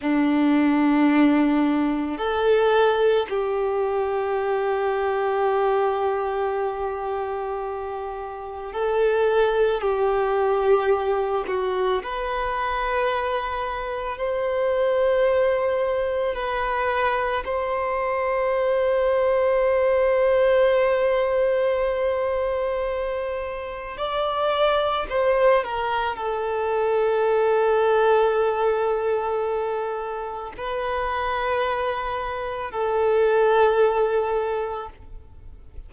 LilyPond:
\new Staff \with { instrumentName = "violin" } { \time 4/4 \tempo 4 = 55 d'2 a'4 g'4~ | g'1 | a'4 g'4. fis'8 b'4~ | b'4 c''2 b'4 |
c''1~ | c''2 d''4 c''8 ais'8 | a'1 | b'2 a'2 | }